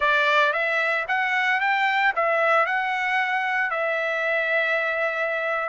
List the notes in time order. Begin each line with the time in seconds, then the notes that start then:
0.00 D5
0.52 E5
1.07 F#5
1.60 G5
2.15 E5
2.65 F#5
3.70 E5